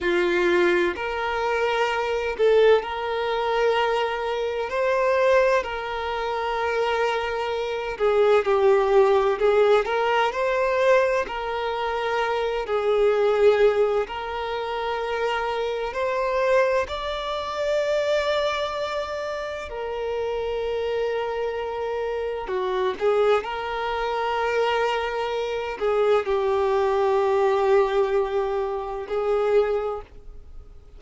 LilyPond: \new Staff \with { instrumentName = "violin" } { \time 4/4 \tempo 4 = 64 f'4 ais'4. a'8 ais'4~ | ais'4 c''4 ais'2~ | ais'8 gis'8 g'4 gis'8 ais'8 c''4 | ais'4. gis'4. ais'4~ |
ais'4 c''4 d''2~ | d''4 ais'2. | fis'8 gis'8 ais'2~ ais'8 gis'8 | g'2. gis'4 | }